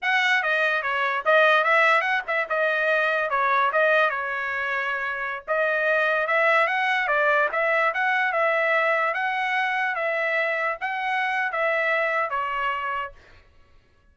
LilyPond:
\new Staff \with { instrumentName = "trumpet" } { \time 4/4 \tempo 4 = 146 fis''4 dis''4 cis''4 dis''4 | e''4 fis''8 e''8 dis''2 | cis''4 dis''4 cis''2~ | cis''4~ cis''16 dis''2 e''8.~ |
e''16 fis''4 d''4 e''4 fis''8.~ | fis''16 e''2 fis''4.~ fis''16~ | fis''16 e''2 fis''4.~ fis''16 | e''2 cis''2 | }